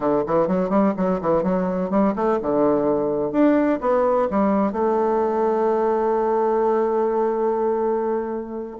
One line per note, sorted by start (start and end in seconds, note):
0.00 0.24 D3
0.26 0.47 E3
0.47 0.69 F#3
0.69 0.93 G3
0.96 1.20 F#3
1.21 1.43 E3
1.43 1.90 F#3
1.90 2.14 G3
2.15 2.39 A3
2.42 3.32 D3
3.32 3.79 D4
3.80 4.28 B3
4.30 4.72 G3
4.72 8.77 A3